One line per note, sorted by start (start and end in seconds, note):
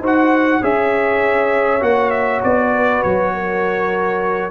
0.00 0.60 D#4
0.00 0.62 F#4
0.00 0.60 C5
0.06 0.64 F#5
0.61 1.82 C#4
0.61 1.81 G#4
0.61 2.71 C#5
0.61 1.83 E5
1.81 2.42 A#3
1.81 4.51 F#4
1.81 2.11 F#5
2.11 2.41 E5
2.44 3.04 B3
2.44 3.03 D5
2.74 3.34 B4
3.03 4.51 F#3
3.03 4.51 C#5
3.34 4.51 A#4